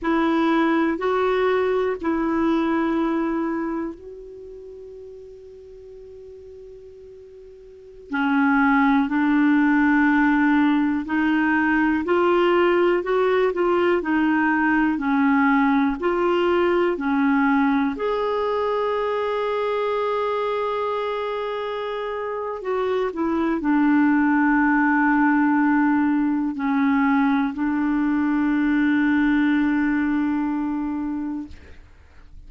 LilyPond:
\new Staff \with { instrumentName = "clarinet" } { \time 4/4 \tempo 4 = 61 e'4 fis'4 e'2 | fis'1~ | fis'16 cis'4 d'2 dis'8.~ | dis'16 f'4 fis'8 f'8 dis'4 cis'8.~ |
cis'16 f'4 cis'4 gis'4.~ gis'16~ | gis'2. fis'8 e'8 | d'2. cis'4 | d'1 | }